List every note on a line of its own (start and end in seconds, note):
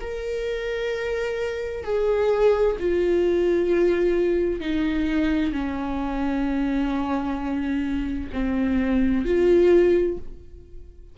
0.00 1.83 A#4
1.83 2.76 G#4
2.79 4.60 F4
4.60 5.52 D#4
5.52 8.29 C#4
8.32 9.25 C4
9.25 10.17 F4